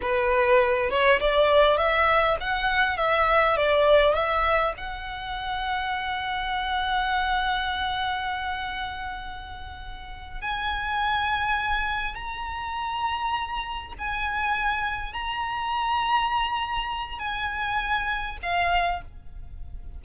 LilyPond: \new Staff \with { instrumentName = "violin" } { \time 4/4 \tempo 4 = 101 b'4. cis''8 d''4 e''4 | fis''4 e''4 d''4 e''4 | fis''1~ | fis''1~ |
fis''4. gis''2~ gis''8~ | gis''8 ais''2. gis''8~ | gis''4. ais''2~ ais''8~ | ais''4 gis''2 f''4 | }